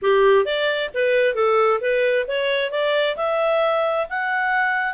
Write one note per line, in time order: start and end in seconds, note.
0.01 0.45 G4
0.45 0.90 D5
0.94 1.34 B4
1.34 1.79 A4
1.80 2.26 B4
2.27 2.70 C#5
2.70 3.16 D5
3.16 4.06 E5
4.09 4.93 F#5